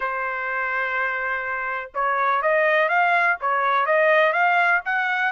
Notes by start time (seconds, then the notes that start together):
0.00 C5
1.94 C#5
2.41 D#5
2.88 F5
3.40 C#5
3.86 D#5
4.32 F5
4.85 F#5